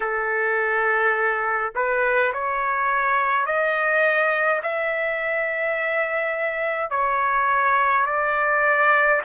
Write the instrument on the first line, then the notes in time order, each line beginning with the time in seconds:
trumpet
0.00 A4
1.75 B4
2.33 C#5
3.46 D#5
4.63 E5
6.90 C#5
8.06 D5